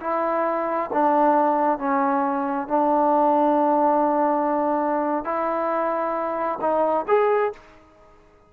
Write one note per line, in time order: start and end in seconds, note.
0.00 0.90 E4
0.93 1.78 D4
1.78 2.67 C#4
2.67 5.24 D4
5.24 6.59 E4
6.61 7.05 D#4
7.07 7.52 G#4